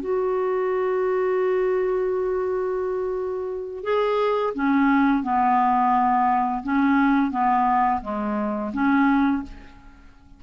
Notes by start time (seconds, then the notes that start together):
0.00 F#4
3.84 G#4
4.54 C#4
5.23 B3
6.63 C#4
7.31 B3
8.02 G#3
8.73 C#4